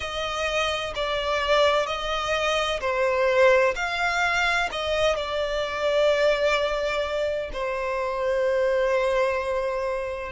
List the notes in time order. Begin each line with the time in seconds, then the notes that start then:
0.00 D#5
0.95 D5
1.86 D#5
2.80 C5
3.75 F5
4.71 D#5
5.16 D5
7.53 C5